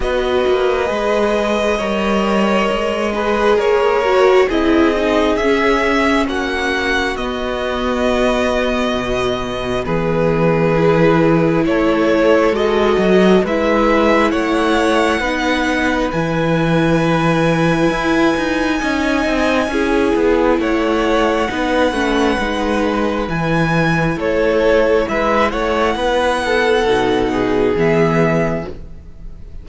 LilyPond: <<
  \new Staff \with { instrumentName = "violin" } { \time 4/4 \tempo 4 = 67 dis''1 | cis''4 dis''4 e''4 fis''4 | dis''2. b'4~ | b'4 cis''4 dis''4 e''4 |
fis''2 gis''2~ | gis''2. fis''4~ | fis''2 gis''4 cis''4 | e''8 fis''2~ fis''8 e''4 | }
  \new Staff \with { instrumentName = "violin" } { \time 4/4 b'2 cis''4. b'8 | ais'4 gis'2 fis'4~ | fis'2. gis'4~ | gis'4 a'2 b'4 |
cis''4 b'2.~ | b'4 dis''4 gis'4 cis''4 | b'2. a'4 | b'8 cis''8 b'8 a'4 gis'4. | }
  \new Staff \with { instrumentName = "viola" } { \time 4/4 fis'4 gis'4 ais'4. gis'8~ | gis'8 fis'8 e'8 dis'8 cis'2 | b1 | e'2 fis'4 e'4~ |
e'4 dis'4 e'2~ | e'4 dis'4 e'2 | dis'8 cis'8 dis'4 e'2~ | e'2 dis'4 b4 | }
  \new Staff \with { instrumentName = "cello" } { \time 4/4 b8 ais8 gis4 g4 gis4 | ais4 c'4 cis'4 ais4 | b2 b,4 e4~ | e4 a4 gis8 fis8 gis4 |
a4 b4 e2 | e'8 dis'8 cis'8 c'8 cis'8 b8 a4 | b8 a8 gis4 e4 a4 | gis8 a8 b4 b,4 e4 | }
>>